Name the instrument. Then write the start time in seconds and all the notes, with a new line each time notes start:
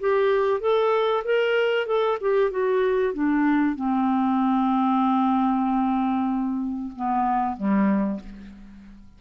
clarinet
0.00 G4
0.60 A4
1.24 A#4
1.86 A4
2.20 G4
2.51 F#4
3.13 D4
3.76 C4
6.96 B3
7.57 G3